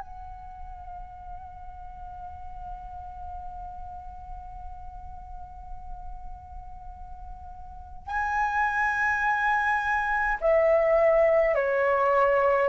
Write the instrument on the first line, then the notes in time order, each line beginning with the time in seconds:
flute
0.00 F#5
8.08 G#5
10.41 E5
11.55 C#5